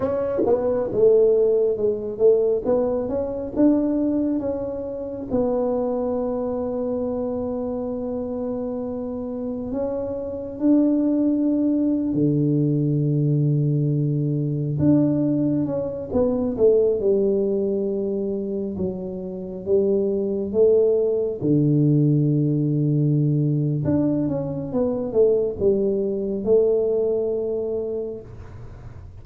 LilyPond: \new Staff \with { instrumentName = "tuba" } { \time 4/4 \tempo 4 = 68 cis'8 b8 a4 gis8 a8 b8 cis'8 | d'4 cis'4 b2~ | b2. cis'4 | d'4.~ d'16 d2~ d16~ |
d8. d'4 cis'8 b8 a8 g8.~ | g4~ g16 fis4 g4 a8.~ | a16 d2~ d8. d'8 cis'8 | b8 a8 g4 a2 | }